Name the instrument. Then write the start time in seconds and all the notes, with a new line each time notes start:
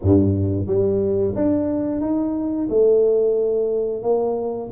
tuba
0.02 G2
0.66 G3
1.35 D4
2.00 D#4
2.69 A3
4.02 A#3